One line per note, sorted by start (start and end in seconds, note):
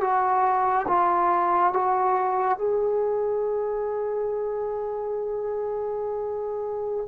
0.00 0.86 F#4
0.87 1.73 F4
1.73 2.58 F#4
2.58 7.08 G#4